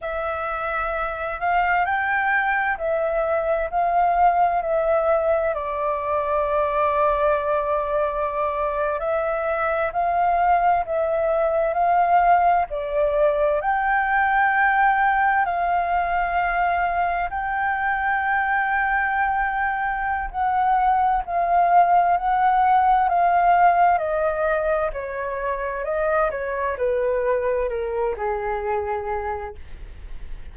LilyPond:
\new Staff \with { instrumentName = "flute" } { \time 4/4 \tempo 4 = 65 e''4. f''8 g''4 e''4 | f''4 e''4 d''2~ | d''4.~ d''16 e''4 f''4 e''16~ | e''8. f''4 d''4 g''4~ g''16~ |
g''8. f''2 g''4~ g''16~ | g''2 fis''4 f''4 | fis''4 f''4 dis''4 cis''4 | dis''8 cis''8 b'4 ais'8 gis'4. | }